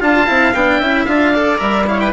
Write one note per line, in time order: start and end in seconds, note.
0.00 0.28 D4
0.00 0.26 F4
0.00 0.79 F5
0.00 0.54 A5
0.26 0.54 C4
0.26 0.53 E4
0.54 0.80 B3
0.54 0.82 D4
0.54 1.05 G5
0.79 1.06 C#4
0.79 1.07 E4
0.79 1.32 E5
1.05 1.59 D4
1.05 1.34 F4
1.05 1.58 F5
1.33 1.58 A4
1.33 1.86 D5
1.58 2.13 G3
1.58 1.85 A#4
1.58 1.86 E5
1.87 2.13 E4
1.87 2.02 C#5
1.87 2.00 F5
2.00 2.13 B4
2.00 2.13 G5